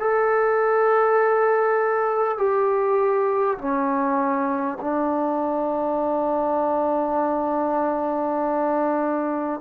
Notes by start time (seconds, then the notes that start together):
0.00 A4
2.38 G4
3.59 C#4
4.81 D4